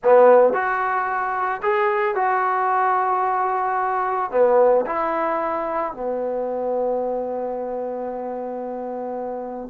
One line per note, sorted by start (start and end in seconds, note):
0.03 0.53 B3
0.53 1.61 F#4
1.62 2.15 G#4
2.15 4.31 F#4
4.31 4.85 B3
4.86 5.93 E4
5.93 9.70 B3